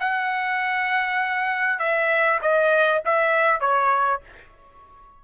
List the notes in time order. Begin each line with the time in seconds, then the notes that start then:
0.00 F#5
1.79 E5
2.42 D#5
3.05 E5
3.60 C#5